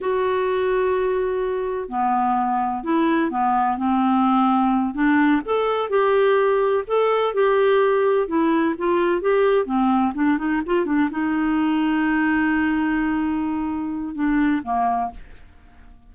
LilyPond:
\new Staff \with { instrumentName = "clarinet" } { \time 4/4 \tempo 4 = 127 fis'1 | b2 e'4 b4 | c'2~ c'8 d'4 a'8~ | a'8 g'2 a'4 g'8~ |
g'4. e'4 f'4 g'8~ | g'8 c'4 d'8 dis'8 f'8 d'8 dis'8~ | dis'1~ | dis'2 d'4 ais4 | }